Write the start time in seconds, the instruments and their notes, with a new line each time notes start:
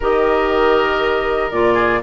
0.00 bassoon D#3, clarinet G4, oboe A#4, flute D#5
1.51 bassoon A#2, clarinet F4, flute D5
1.73 oboe G#4